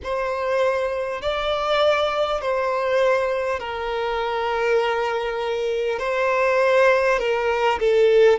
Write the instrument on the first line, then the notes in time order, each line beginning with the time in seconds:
violin
0.03 C5
1.21 D5
2.41 C5
3.59 A#4
5.99 C5
7.18 A#4
7.79 A4